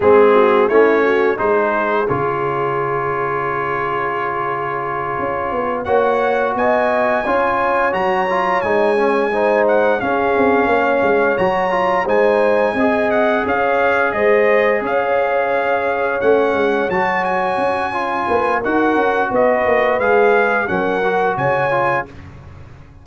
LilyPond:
<<
  \new Staff \with { instrumentName = "trumpet" } { \time 4/4 \tempo 4 = 87 gis'4 cis''4 c''4 cis''4~ | cis''1~ | cis''8 fis''4 gis''2 ais''8~ | ais''8 gis''4. fis''8 f''4.~ |
f''8 ais''4 gis''4. fis''8 f''8~ | f''8 dis''4 f''2 fis''8~ | fis''8 a''8 gis''2 fis''4 | dis''4 f''4 fis''4 gis''4 | }
  \new Staff \with { instrumentName = "horn" } { \time 4/4 gis'8 fis'8 e'8 fis'8 gis'2~ | gis'1~ | gis'8 cis''4 dis''4 cis''4.~ | cis''4. c''4 gis'4 cis''8~ |
cis''4. c''4 dis''4 cis''8~ | cis''8 c''4 cis''2~ cis''8~ | cis''2~ cis''8 b'8 ais'4 | b'2 ais'4 cis''4 | }
  \new Staff \with { instrumentName = "trombone" } { \time 4/4 c'4 cis'4 dis'4 f'4~ | f'1~ | f'8 fis'2 f'4 fis'8 | f'8 dis'8 cis'8 dis'4 cis'4.~ |
cis'8 fis'8 f'8 dis'4 gis'4.~ | gis'2.~ gis'8 cis'8~ | cis'8 fis'4. f'4 fis'4~ | fis'4 gis'4 cis'8 fis'4 f'8 | }
  \new Staff \with { instrumentName = "tuba" } { \time 4/4 gis4 a4 gis4 cis4~ | cis2.~ cis8 cis'8 | b8 ais4 b4 cis'4 fis8~ | fis8 gis2 cis'8 c'8 ais8 |
gis8 fis4 gis4 c'4 cis'8~ | cis'8 gis4 cis'2 a8 | gis8 fis4 cis'4 ais8 dis'8 cis'8 | b8 ais8 gis4 fis4 cis4 | }
>>